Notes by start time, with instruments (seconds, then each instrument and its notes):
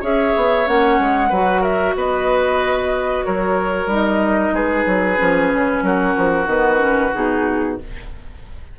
0.00 bassoon C#4, clarinet G#4, oboe C#5, flute E5
0.36 bassoon B3
0.66 bassoon A#3, clarinet C#4, flute F#5
0.99 bassoon G#3
1.29 bassoon F#3, clarinet F#4, oboe B4
1.61 oboe A#4, flute E5
1.95 bassoon B3, oboe B4, flute D#5
3.25 bassoon F#3, oboe A#4, flute C#5
3.86 bassoon G3, clarinet D#4
3.93 flute D#5
4.52 bassoon G#3, oboe G#4, flute B4
4.86 bassoon F#3
5.17 bassoon F3, clarinet C#4
5.54 bassoon C#3
5.82 bassoon F#3, oboe F#4, flute A#4
6.17 bassoon F3
6.46 bassoon D#3, clarinet B3, flute B4
6.78 clarinet C#4
7.14 bassoon B2, clarinet D#4, flute G#4